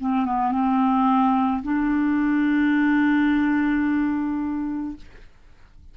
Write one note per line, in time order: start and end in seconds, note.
0.00 0.25 C4
0.25 0.52 B3
0.52 1.63 C4
1.63 4.96 D4